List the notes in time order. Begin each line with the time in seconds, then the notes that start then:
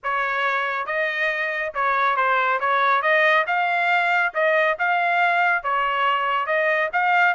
0.03 C#5
0.86 D#5
1.74 C#5
2.16 C5
2.60 C#5
3.02 D#5
3.46 F5
4.34 D#5
4.78 F5
5.63 C#5
6.46 D#5
6.93 F5